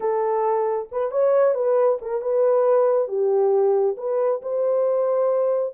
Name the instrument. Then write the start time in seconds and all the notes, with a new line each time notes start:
horn
0.00 A4
0.91 B4
1.11 C#5
1.54 B4
2.01 A#4
2.21 B4
3.08 G4
3.97 B4
4.41 C5